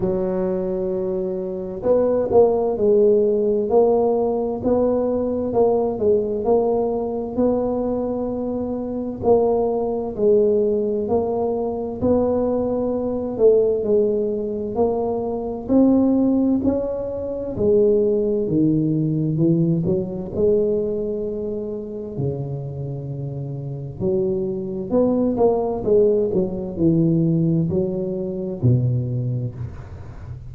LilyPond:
\new Staff \with { instrumentName = "tuba" } { \time 4/4 \tempo 4 = 65 fis2 b8 ais8 gis4 | ais4 b4 ais8 gis8 ais4 | b2 ais4 gis4 | ais4 b4. a8 gis4 |
ais4 c'4 cis'4 gis4 | dis4 e8 fis8 gis2 | cis2 fis4 b8 ais8 | gis8 fis8 e4 fis4 b,4 | }